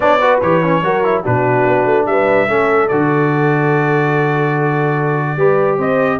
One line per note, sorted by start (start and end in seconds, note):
0.00 0.41 B3
0.00 0.19 D4
0.00 0.21 C#5
0.00 0.39 D5
0.21 0.42 F#4
0.21 0.83 B4
0.40 0.82 E3
0.40 0.63 G4
0.40 1.23 C#5
0.63 0.83 C#4
0.82 1.23 F#3
0.82 1.04 F#4
0.82 1.22 A#4
1.04 1.24 E4
1.22 1.65 B2
1.22 2.48 D4
1.22 2.05 F#4
1.22 2.06 B4
1.65 1.85 B3
1.85 2.06 A3
2.06 2.47 G3
2.06 2.49 B4
2.06 2.88 E5
2.48 2.90 A3
2.48 2.90 C#4
2.48 5.37 A4
2.88 5.36 D3
2.88 5.38 F#4
2.88 5.78 D5
5.36 5.77 G3
5.36 6.19 G4
5.36 5.78 B4
5.78 6.19 C4
5.78 6.19 C5
5.78 6.19 D#5